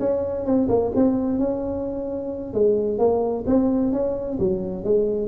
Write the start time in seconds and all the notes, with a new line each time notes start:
0.00 C#4
0.46 C4
0.69 A#3
0.95 C4
1.39 C#4
2.54 G#3
2.99 A#3
3.47 C4
3.93 C#4
4.40 F#3
4.85 G#3